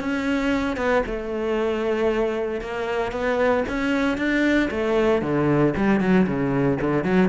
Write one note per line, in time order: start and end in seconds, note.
0.00 0.76 C#4
0.76 1.02 B3
1.06 2.61 A3
2.61 3.12 A#3
3.12 3.64 B3
3.69 4.17 C#4
4.17 4.69 D4
4.71 5.22 A3
5.22 5.74 D3
5.77 6.00 G3
6.00 6.26 F#3
6.26 6.78 C#3
6.81 7.04 D3
7.04 7.29 F#3